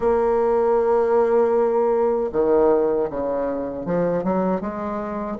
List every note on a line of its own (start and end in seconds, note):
0.00 2.30 A#3
2.32 3.09 D#3
3.09 3.85 C#3
3.85 4.23 F3
4.23 4.60 F#3
4.60 5.37 G#3